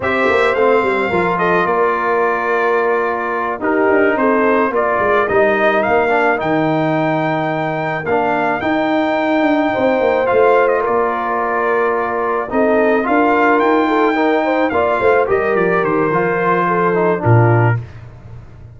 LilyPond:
<<
  \new Staff \with { instrumentName = "trumpet" } { \time 4/4 \tempo 4 = 108 e''4 f''4. dis''8 d''4~ | d''2~ d''8 ais'4 c''8~ | c''8 d''4 dis''4 f''4 g''8~ | g''2~ g''8 f''4 g''8~ |
g''2~ g''8 f''8. dis''16 d''8~ | d''2~ d''8 dis''4 f''8~ | f''8 g''2 f''4 dis''8 | d''8 c''2~ c''8 ais'4 | }
  \new Staff \with { instrumentName = "horn" } { \time 4/4 c''2 ais'8 a'8 ais'4~ | ais'2~ ais'8 g'4 a'8~ | a'8 ais'2.~ ais'8~ | ais'1~ |
ais'4. c''2 ais'8~ | ais'2~ ais'8 a'4 ais'8~ | ais'4 a'8 ais'8 c''8 d''8 c''8 ais'8~ | ais'2 a'4 f'4 | }
  \new Staff \with { instrumentName = "trombone" } { \time 4/4 g'4 c'4 f'2~ | f'2~ f'8 dis'4.~ | dis'8 f'4 dis'4. d'8 dis'8~ | dis'2~ dis'8 d'4 dis'8~ |
dis'2~ dis'8 f'4.~ | f'2~ f'8 dis'4 f'8~ | f'4. dis'4 f'4 g'8~ | g'4 f'4. dis'8 d'4 | }
  \new Staff \with { instrumentName = "tuba" } { \time 4/4 c'8 ais8 a8 g8 f4 ais4~ | ais2~ ais8 dis'8 d'8 c'8~ | c'8 ais8 gis8 g4 ais4 dis8~ | dis2~ dis8 ais4 dis'8~ |
dis'4 d'8 c'8 ais8 a4 ais8~ | ais2~ ais8 c'4 d'8~ | d'8 dis'2 ais8 a8 g8 | f8 dis8 f2 ais,4 | }
>>